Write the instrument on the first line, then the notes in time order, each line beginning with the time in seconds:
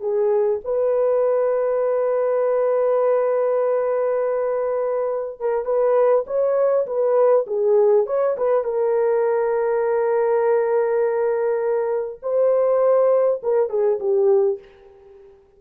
horn
0.00 G#4
0.64 B4
5.40 A#4
5.65 B4
6.26 C#5
6.86 B4
7.46 G#4
8.06 C#5
8.37 B4
8.64 A#4
12.22 C5
13.42 A#4
13.69 G#4
13.99 G4